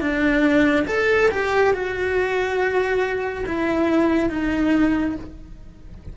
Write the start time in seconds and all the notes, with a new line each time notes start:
0.00 D4
0.87 A4
1.31 G4
1.73 F#4
3.46 E4
4.29 D#4